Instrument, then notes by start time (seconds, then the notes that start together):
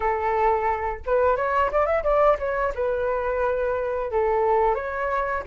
flute
0.00 A4
1.06 B4
1.36 C#5
1.71 D5
1.86 E5
2.03 D5
2.38 C#5
2.75 B4
4.11 A4
4.74 C#5